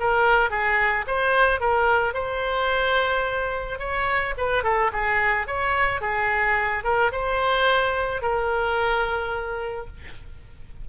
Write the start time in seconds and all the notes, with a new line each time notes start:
0.00 A#4
0.50 G#4
1.07 C5
1.60 A#4
2.14 C5
3.79 C#5
4.37 B4
4.63 A4
4.93 G#4
5.47 C#5
6.01 G#4
6.84 A#4
7.12 C5
8.22 A#4